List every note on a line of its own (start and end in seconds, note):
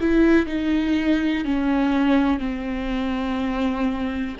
0.00 0.46 E4
0.46 1.44 D#4
1.44 2.39 C#4
2.39 4.36 C4